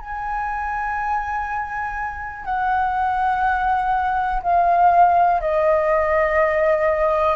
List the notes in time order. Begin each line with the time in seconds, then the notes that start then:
0.00 G#5
2.45 F#5
4.42 F5
5.41 D#5